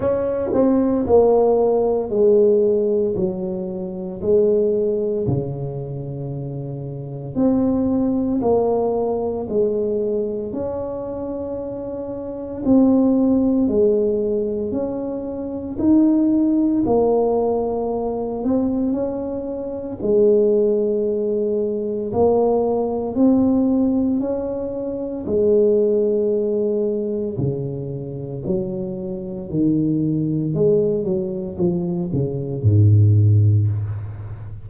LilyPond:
\new Staff \with { instrumentName = "tuba" } { \time 4/4 \tempo 4 = 57 cis'8 c'8 ais4 gis4 fis4 | gis4 cis2 c'4 | ais4 gis4 cis'2 | c'4 gis4 cis'4 dis'4 |
ais4. c'8 cis'4 gis4~ | gis4 ais4 c'4 cis'4 | gis2 cis4 fis4 | dis4 gis8 fis8 f8 cis8 gis,4 | }